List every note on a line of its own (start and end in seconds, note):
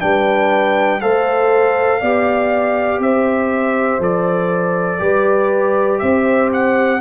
0.00 1.03 G3
0.00 1.00 D4
0.00 1.02 B4
0.00 1.01 G5
1.01 2.02 A3
1.01 2.02 A4
1.01 2.01 C5
1.01 3.01 F5
2.01 2.99 B3
2.01 4.00 G4
2.01 3.01 D5
2.99 3.99 C4
2.99 5.01 C5
2.99 4.02 E5
3.99 4.99 F3
3.99 4.99 A4
3.99 5.99 D5
4.99 6.01 G3
4.99 6.99 G4
4.99 6.01 B4
5.99 7.01 C4
5.99 7.01 C5
5.99 6.49 E5
6.53 7.01 F#5